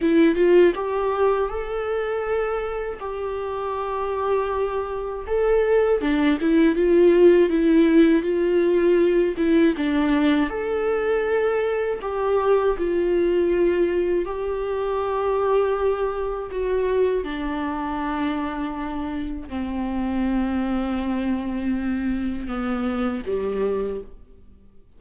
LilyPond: \new Staff \with { instrumentName = "viola" } { \time 4/4 \tempo 4 = 80 e'8 f'8 g'4 a'2 | g'2. a'4 | d'8 e'8 f'4 e'4 f'4~ | f'8 e'8 d'4 a'2 |
g'4 f'2 g'4~ | g'2 fis'4 d'4~ | d'2 c'2~ | c'2 b4 g4 | }